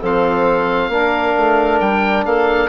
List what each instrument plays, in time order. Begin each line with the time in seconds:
0.00 bassoon F3, trombone C4, clarinet A4, oboe F5
0.88 bassoon A#3, trombone D4, clarinet A#4
1.37 bassoon A3
1.79 bassoon G3, oboe G5
2.25 bassoon A#3, clarinet A4, oboe F5